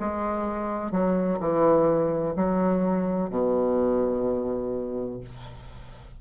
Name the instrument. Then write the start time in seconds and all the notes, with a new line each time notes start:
bassoon
0.00 G#3
0.92 F#3
1.40 E3
2.36 F#3
3.30 B2